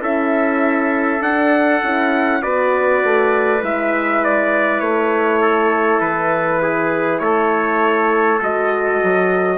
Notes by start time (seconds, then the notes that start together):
0.00 C#4 E4 A4 E5
1.20 D4 F#5
1.83 C#4 E4
2.42 B3 F#4 B4 D5
3.04 A3
3.60 G#3 E4 E5
4.24 D5
4.80 A3 C#5
5.41 A4
6.01 E3 B4
6.62 G#4
7.19 A3 A4 C#5
8.42 G#3 F#4 D#5
9.03 F#3